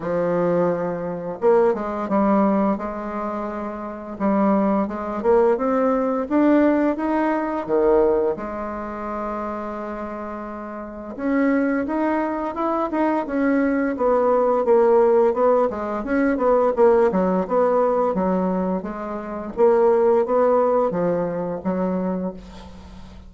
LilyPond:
\new Staff \with { instrumentName = "bassoon" } { \time 4/4 \tempo 4 = 86 f2 ais8 gis8 g4 | gis2 g4 gis8 ais8 | c'4 d'4 dis'4 dis4 | gis1 |
cis'4 dis'4 e'8 dis'8 cis'4 | b4 ais4 b8 gis8 cis'8 b8 | ais8 fis8 b4 fis4 gis4 | ais4 b4 f4 fis4 | }